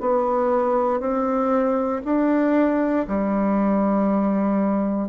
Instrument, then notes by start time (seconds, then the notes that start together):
bassoon
0.00 B3
0.99 C4
2.04 D4
3.07 G3